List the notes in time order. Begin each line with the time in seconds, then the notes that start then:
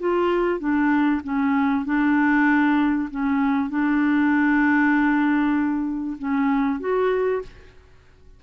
0.00 F4
0.60 D4
1.24 C#4
1.85 D4
3.11 C#4
3.70 D4
6.19 C#4
6.80 F#4